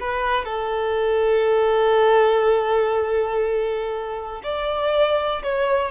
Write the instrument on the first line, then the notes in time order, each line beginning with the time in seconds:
violin
0.00 B4
0.45 A4
4.43 D5
5.43 C#5